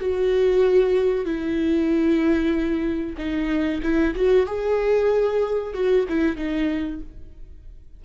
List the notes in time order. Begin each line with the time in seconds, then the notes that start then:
0.00 F#4
1.24 E4
3.17 D#4
3.82 E4
4.15 F#4
4.46 G#4
5.73 F#4
6.08 E4
6.36 D#4